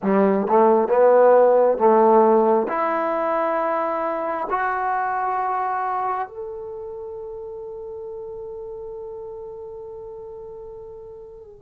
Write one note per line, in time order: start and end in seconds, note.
0.02 0.47 G3
0.47 0.88 A3
0.88 1.77 B3
1.77 2.67 A3
2.68 4.47 E4
4.50 6.27 F#4
6.27 11.62 A4